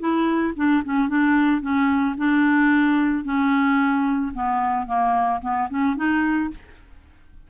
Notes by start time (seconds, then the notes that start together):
0.00 E4
0.56 D4
0.85 C#4
1.09 D4
1.61 C#4
2.18 D4
3.25 C#4
4.34 B3
4.87 A#3
5.42 B3
5.70 C#4
5.97 D#4